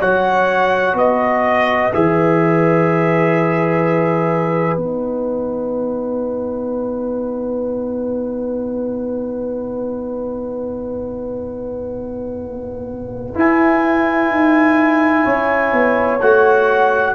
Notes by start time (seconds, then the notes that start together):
0.00 F#3 F#4 C#5 F#5
0.93 B3 B4 D#5
1.93 E3 G#4 E5
4.76 B3 D#4 F#5
13.34 E4 G#5
14.29 D#4
15.23 C#4 C#5
15.72 B3
16.20 A3 F#4 F#5